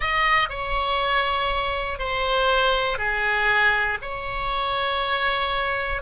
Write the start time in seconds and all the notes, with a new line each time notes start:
0.00 D#5
0.49 C#5
1.99 C5
2.97 G#4
4.01 C#5